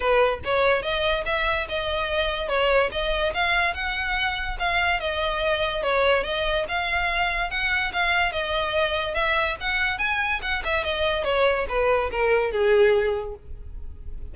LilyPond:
\new Staff \with { instrumentName = "violin" } { \time 4/4 \tempo 4 = 144 b'4 cis''4 dis''4 e''4 | dis''2 cis''4 dis''4 | f''4 fis''2 f''4 | dis''2 cis''4 dis''4 |
f''2 fis''4 f''4 | dis''2 e''4 fis''4 | gis''4 fis''8 e''8 dis''4 cis''4 | b'4 ais'4 gis'2 | }